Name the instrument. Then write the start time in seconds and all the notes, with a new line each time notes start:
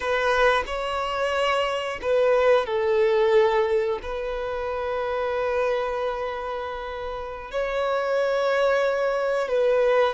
violin
0.00 B4
0.66 C#5
2.02 B4
2.65 A4
4.02 B4
7.51 C#5
9.48 B4